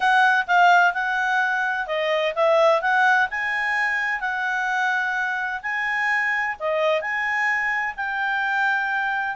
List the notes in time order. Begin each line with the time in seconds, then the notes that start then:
0.00 F#5
0.47 F5
0.93 F#5
1.86 D#5
2.35 E5
2.81 F#5
3.30 G#5
4.20 F#5
5.62 G#5
6.59 D#5
7.01 G#5
7.96 G5